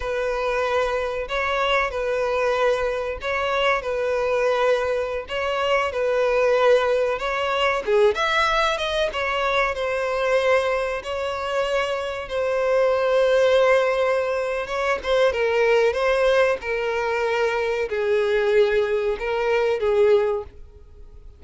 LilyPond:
\new Staff \with { instrumentName = "violin" } { \time 4/4 \tempo 4 = 94 b'2 cis''4 b'4~ | b'4 cis''4 b'2~ | b'16 cis''4 b'2 cis''8.~ | cis''16 gis'8 e''4 dis''8 cis''4 c''8.~ |
c''4~ c''16 cis''2 c''8.~ | c''2. cis''8 c''8 | ais'4 c''4 ais'2 | gis'2 ais'4 gis'4 | }